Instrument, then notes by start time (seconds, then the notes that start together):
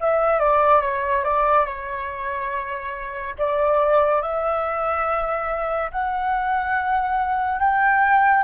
flute
0.00 E5
0.39 D5
0.82 C#5
1.24 D5
1.66 C#5
3.38 D5
4.22 E5
5.91 F#5
7.59 G5